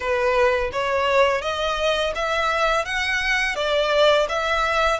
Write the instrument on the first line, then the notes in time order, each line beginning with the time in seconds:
violin
0.00 B4
0.72 C#5
1.41 D#5
2.15 E5
2.85 F#5
3.55 D5
4.28 E5